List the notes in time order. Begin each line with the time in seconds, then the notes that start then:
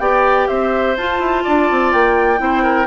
0.00 B3 G4 D5 G5
0.48 C4 C5 E5
0.97 F4 A5
1.20 E4
1.44 D4 D5
1.71 C4
1.93 A#3 G5
2.38 C4 E4 C5
2.63 A#4